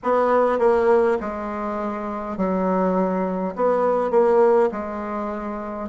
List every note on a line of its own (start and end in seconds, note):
0.03 0.59 B3
0.59 1.18 A#3
1.20 2.37 G#3
2.37 3.55 F#3
3.56 4.10 B3
4.10 4.69 A#3
4.71 5.89 G#3